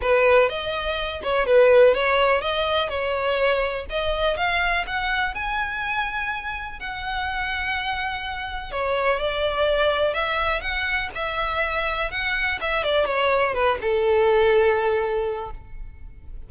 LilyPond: \new Staff \with { instrumentName = "violin" } { \time 4/4 \tempo 4 = 124 b'4 dis''4. cis''8 b'4 | cis''4 dis''4 cis''2 | dis''4 f''4 fis''4 gis''4~ | gis''2 fis''2~ |
fis''2 cis''4 d''4~ | d''4 e''4 fis''4 e''4~ | e''4 fis''4 e''8 d''8 cis''4 | b'8 a'2.~ a'8 | }